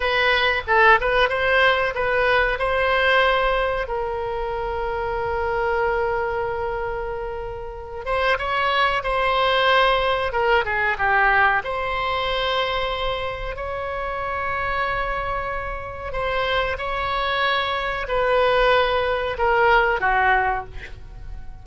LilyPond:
\new Staff \with { instrumentName = "oboe" } { \time 4/4 \tempo 4 = 93 b'4 a'8 b'8 c''4 b'4 | c''2 ais'2~ | ais'1~ | ais'8 c''8 cis''4 c''2 |
ais'8 gis'8 g'4 c''2~ | c''4 cis''2.~ | cis''4 c''4 cis''2 | b'2 ais'4 fis'4 | }